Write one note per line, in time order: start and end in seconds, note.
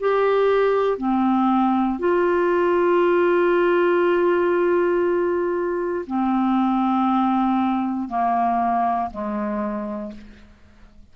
0.00 0.98 G4
0.98 1.99 C4
1.99 6.06 F4
6.07 8.08 C4
8.08 9.10 A#3
9.11 10.12 G#3